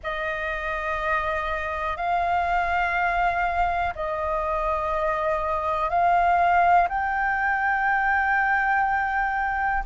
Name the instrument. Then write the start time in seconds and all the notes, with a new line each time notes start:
flute
0.03 D#5
1.96 F5
3.95 D#5
5.89 F5
6.89 G5